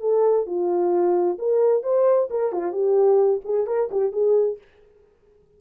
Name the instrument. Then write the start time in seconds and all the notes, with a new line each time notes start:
horn
0.00 A4
0.46 F4
1.38 A#4
1.83 C5
2.30 A#4
2.52 F4
2.72 G4
3.44 G#4
3.67 A#4
3.91 G4
4.12 G#4